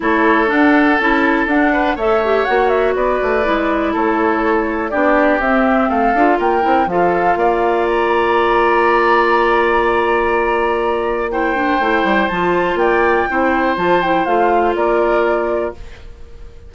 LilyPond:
<<
  \new Staff \with { instrumentName = "flute" } { \time 4/4 \tempo 4 = 122 cis''4 fis''4 a''4 fis''4 | e''4 fis''8 e''8 d''2 | cis''2 d''4 e''4 | f''4 g''4 f''2 |
ais''1~ | ais''2. g''4~ | g''4 a''4 g''2 | a''8 g''8 f''4 d''2 | }
  \new Staff \with { instrumentName = "oboe" } { \time 4/4 a'2.~ a'8 b'8 | cis''2 b'2 | a'2 g'2 | a'4 ais'4 a'4 d''4~ |
d''1~ | d''2. c''4~ | c''2 d''4 c''4~ | c''2 ais'2 | }
  \new Staff \with { instrumentName = "clarinet" } { \time 4/4 e'4 d'4 e'4 d'4 | a'8 g'8 fis'2 e'4~ | e'2 d'4 c'4~ | c'8 f'4 e'8 f'2~ |
f'1~ | f'2. e'8 d'8 | e'4 f'2 e'4 | f'8 e'8 f'2. | }
  \new Staff \with { instrumentName = "bassoon" } { \time 4/4 a4 d'4 cis'4 d'4 | a4 ais4 b8 a8 gis4 | a2 b4 c'4 | a8 d'8 ais8 c'8 f4 ais4~ |
ais1~ | ais1 | a8 g8 f4 ais4 c'4 | f4 a4 ais2 | }
>>